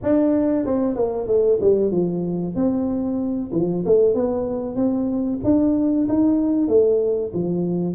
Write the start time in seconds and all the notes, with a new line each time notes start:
0.02 D4
0.65 C4
0.95 A#3
1.27 A3
1.60 G3
1.91 F3
2.55 C4
3.52 F3
3.85 A3
4.14 B3
4.75 C4
5.43 D4
6.08 D#4
6.68 A3
7.33 F3